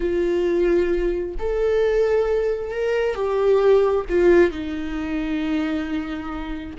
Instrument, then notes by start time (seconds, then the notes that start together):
viola
0.00 F4
1.39 A4
2.70 A#4
3.15 G4
4.09 F4
4.51 D#4